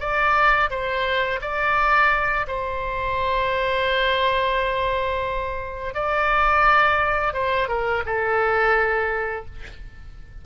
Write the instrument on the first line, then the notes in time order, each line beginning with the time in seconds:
oboe
0.00 D5
0.70 C5
1.42 D5
2.48 C5
5.94 D5
7.33 C5
7.68 A#4
8.06 A4